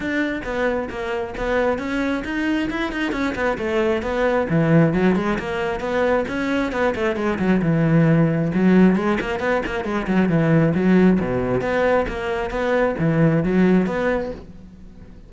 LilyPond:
\new Staff \with { instrumentName = "cello" } { \time 4/4 \tempo 4 = 134 d'4 b4 ais4 b4 | cis'4 dis'4 e'8 dis'8 cis'8 b8 | a4 b4 e4 fis8 gis8 | ais4 b4 cis'4 b8 a8 |
gis8 fis8 e2 fis4 | gis8 ais8 b8 ais8 gis8 fis8 e4 | fis4 b,4 b4 ais4 | b4 e4 fis4 b4 | }